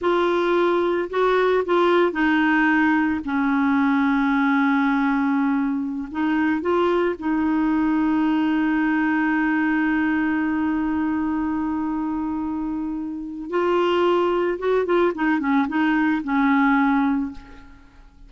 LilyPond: \new Staff \with { instrumentName = "clarinet" } { \time 4/4 \tempo 4 = 111 f'2 fis'4 f'4 | dis'2 cis'2~ | cis'2.~ cis'16 dis'8.~ | dis'16 f'4 dis'2~ dis'8.~ |
dis'1~ | dis'1~ | dis'4 f'2 fis'8 f'8 | dis'8 cis'8 dis'4 cis'2 | }